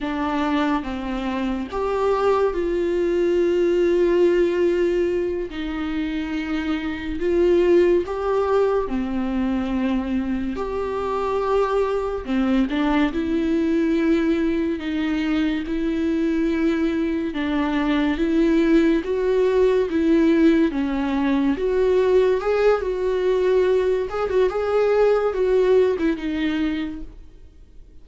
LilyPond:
\new Staff \with { instrumentName = "viola" } { \time 4/4 \tempo 4 = 71 d'4 c'4 g'4 f'4~ | f'2~ f'8 dis'4.~ | dis'8 f'4 g'4 c'4.~ | c'8 g'2 c'8 d'8 e'8~ |
e'4. dis'4 e'4.~ | e'8 d'4 e'4 fis'4 e'8~ | e'8 cis'4 fis'4 gis'8 fis'4~ | fis'8 gis'16 fis'16 gis'4 fis'8. e'16 dis'4 | }